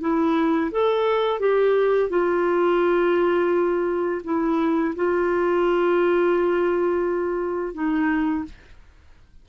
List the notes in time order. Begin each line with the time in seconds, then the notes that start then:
0.00 E4
0.71 A4
1.39 G4
2.10 F4
4.24 E4
4.96 F4
7.74 D#4